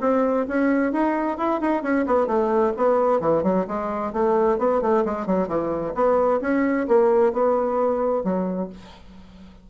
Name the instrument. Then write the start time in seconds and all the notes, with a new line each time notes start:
bassoon
0.00 C4
0.48 C#4
0.92 D#4
1.37 E4
1.60 D#4
1.82 C#4
2.06 B3
2.26 A3
2.76 B3
3.20 E3
3.43 F#3
3.67 G#3
4.12 A3
4.58 B3
4.81 A3
5.05 G#3
5.26 F#3
5.48 E3
5.94 B3
6.41 C#4
6.88 A#3
7.32 B3
8.23 F#3